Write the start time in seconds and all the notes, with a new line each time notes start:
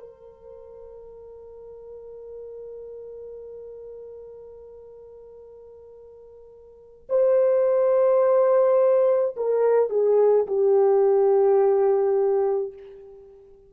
0.00 A#4
7.10 C5
9.36 A#4
9.90 G#4
10.47 G4